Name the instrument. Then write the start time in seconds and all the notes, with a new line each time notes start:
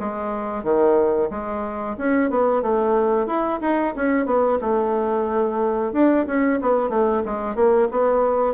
bassoon
0.00 G#3
0.64 D#3
1.30 G#3
1.98 C#4
2.30 B3
2.63 A3
3.27 E4
3.61 D#4
3.96 C#4
4.26 B3
4.61 A3
5.93 D4
6.27 C#4
6.62 B3
6.90 A3
7.26 G#3
7.56 A#3
7.91 B3